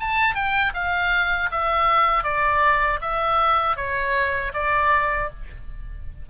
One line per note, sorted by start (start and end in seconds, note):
0.00 0.35 A5
0.35 0.73 G5
0.74 1.50 F5
1.51 2.24 E5
2.24 3.00 D5
3.01 3.77 E5
3.77 4.53 C#5
4.54 5.30 D5